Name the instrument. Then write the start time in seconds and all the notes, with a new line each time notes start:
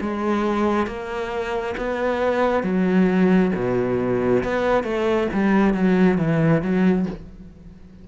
cello
0.00 G#3
0.86 A#3
1.76 B3
2.63 F#3
3.55 B2
4.43 B3
4.83 A3
5.33 G3
5.74 F#3
6.17 E3
6.61 F#3